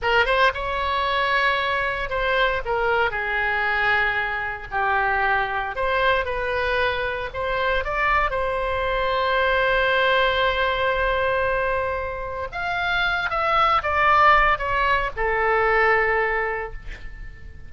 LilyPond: \new Staff \with { instrumentName = "oboe" } { \time 4/4 \tempo 4 = 115 ais'8 c''8 cis''2. | c''4 ais'4 gis'2~ | gis'4 g'2 c''4 | b'2 c''4 d''4 |
c''1~ | c''1 | f''4. e''4 d''4. | cis''4 a'2. | }